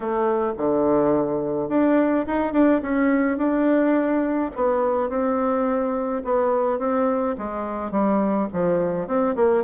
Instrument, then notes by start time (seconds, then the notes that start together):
bassoon
0.00 A3
0.57 D3
1.69 D4
2.26 D#4
2.52 D4
2.81 C#4
3.37 D4
4.55 B3
5.09 C4
6.24 B3
6.78 C4
7.38 G#3
7.91 G3
8.52 F3
9.07 C4
9.35 A#3